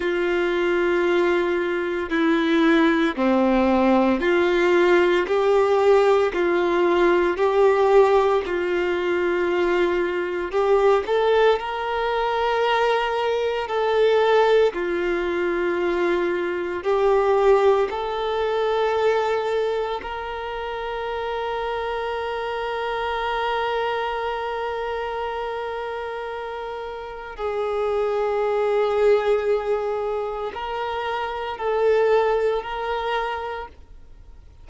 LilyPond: \new Staff \with { instrumentName = "violin" } { \time 4/4 \tempo 4 = 57 f'2 e'4 c'4 | f'4 g'4 f'4 g'4 | f'2 g'8 a'8 ais'4~ | ais'4 a'4 f'2 |
g'4 a'2 ais'4~ | ais'1~ | ais'2 gis'2~ | gis'4 ais'4 a'4 ais'4 | }